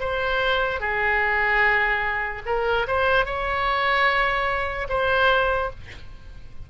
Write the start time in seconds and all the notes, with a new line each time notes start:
0.00 C5
0.80 G#4
2.46 A#4
2.87 C5
3.25 C#5
4.89 C5